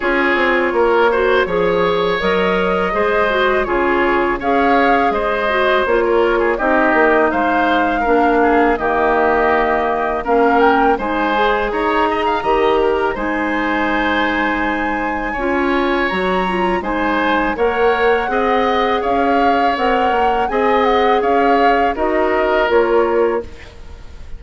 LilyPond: <<
  \new Staff \with { instrumentName = "flute" } { \time 4/4 \tempo 4 = 82 cis''2. dis''4~ | dis''4 cis''4 f''4 dis''4 | cis''4 dis''4 f''2 | dis''2 f''8 g''8 gis''4 |
ais''2 gis''2~ | gis''2 ais''4 gis''4 | fis''2 f''4 fis''4 | gis''8 fis''8 f''4 dis''4 cis''4 | }
  \new Staff \with { instrumentName = "oboe" } { \time 4/4 gis'4 ais'8 c''8 cis''2 | c''4 gis'4 cis''4 c''4~ | c''16 ais'8 gis'16 g'4 c''4 ais'8 gis'8 | g'2 ais'4 c''4 |
cis''8 dis''16 f''16 dis''8 ais'8 c''2~ | c''4 cis''2 c''4 | cis''4 dis''4 cis''2 | dis''4 cis''4 ais'2 | }
  \new Staff \with { instrumentName = "clarinet" } { \time 4/4 f'4. fis'8 gis'4 ais'4 | gis'8 fis'8 f'4 gis'4. fis'8 | f'4 dis'2 d'4 | ais2 cis'4 dis'8 gis'8~ |
gis'4 g'4 dis'2~ | dis'4 f'4 fis'8 f'8 dis'4 | ais'4 gis'2 ais'4 | gis'2 fis'4 f'4 | }
  \new Staff \with { instrumentName = "bassoon" } { \time 4/4 cis'8 c'8 ais4 f4 fis4 | gis4 cis4 cis'4 gis4 | ais4 c'8 ais8 gis4 ais4 | dis2 ais4 gis4 |
dis'4 dis4 gis2~ | gis4 cis'4 fis4 gis4 | ais4 c'4 cis'4 c'8 ais8 | c'4 cis'4 dis'4 ais4 | }
>>